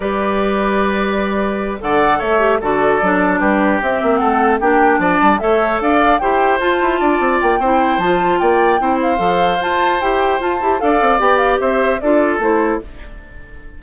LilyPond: <<
  \new Staff \with { instrumentName = "flute" } { \time 4/4 \tempo 4 = 150 d''1~ | d''8 fis''4 e''4 d''4.~ | d''8 b'4 e''4 fis''4 g''8~ | g''8 a''4 e''4 f''4 g''8~ |
g''8 a''2 g''4. | a''4 g''4. f''4. | a''4 g''4 a''4 f''4 | g''8 f''8 e''4 d''4 c''4 | }
  \new Staff \with { instrumentName = "oboe" } { \time 4/4 b'1~ | b'8 d''4 cis''4 a'4.~ | a'8 g'2 a'4 g'8~ | g'8 d''4 cis''4 d''4 c''8~ |
c''4. d''4. c''4~ | c''4 d''4 c''2~ | c''2. d''4~ | d''4 c''4 a'2 | }
  \new Staff \with { instrumentName = "clarinet" } { \time 4/4 g'1~ | g'8 a'4. g'8 fis'4 d'8~ | d'4. c'2 d'8~ | d'4. a'2 g'8~ |
g'8 f'2~ f'8 e'4 | f'2 e'4 a'4 | f'4 g'4 f'8 g'8 a'4 | g'2 f'4 e'4 | }
  \new Staff \with { instrumentName = "bassoon" } { \time 4/4 g1~ | g8 d4 a4 d4 fis8~ | fis8 g4 c'8 ais8 a4 ais8~ | ais8 f8 g8 a4 d'4 e'8~ |
e'8 f'8 e'8 d'8 c'8 ais8 c'4 | f4 ais4 c'4 f4 | f'4 e'4 f'8 e'8 d'8 c'8 | b4 c'4 d'4 a4 | }
>>